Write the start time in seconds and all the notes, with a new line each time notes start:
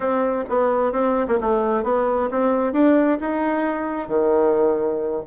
0.00 C4
0.49 B3
0.92 C4
1.27 A#3
1.40 A3
1.83 B3
2.30 C4
2.72 D4
3.20 D#4
4.08 D#3